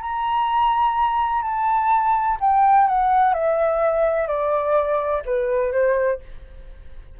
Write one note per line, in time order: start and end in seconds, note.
0.00 1.42 A#5
1.42 2.37 A5
2.40 2.87 G5
2.87 3.34 F#5
3.34 4.27 E5
4.27 5.22 D5
5.25 5.72 B4
5.72 6.19 C5